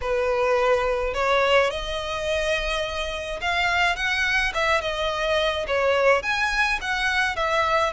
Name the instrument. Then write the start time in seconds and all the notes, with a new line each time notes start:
violin
0.01 B4
1.13 C#5
1.70 D#5
3.41 F5
3.95 F#5
4.53 E5
4.81 D#5
5.67 C#5
6.22 G#5
6.81 F#5
7.36 E5